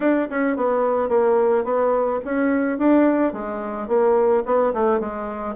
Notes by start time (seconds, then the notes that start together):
0.00 D4
0.30 C#4
0.56 B3
1.09 A#3
1.64 B3
2.24 C#4
2.78 D4
3.33 G#3
3.88 A#3
4.45 B3
4.73 A3
4.99 G#3